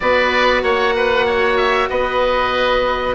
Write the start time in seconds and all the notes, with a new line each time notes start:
0.00 B3 F#4 B4 D5
0.62 A#3 C#5 F#5
0.96 B4
1.26 C#5
1.57 E5
1.89 B3 B4 D#5